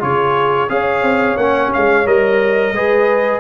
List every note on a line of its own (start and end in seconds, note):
0.00 0.70 C#3
0.00 0.68 F4
0.00 0.71 G#4
0.00 0.70 C#5
0.70 1.02 C#4
0.70 1.38 G#4
0.70 2.76 C#5
0.70 1.38 F5
1.02 1.37 C4
1.37 1.71 A#3
1.37 2.06 C#4
1.37 1.72 F#5
1.74 2.06 G#3
1.74 2.07 F5
2.06 2.72 G3
2.06 2.74 A#4
2.06 3.40 D#5
2.72 3.40 G#3
2.72 3.40 G#4
2.72 3.40 B4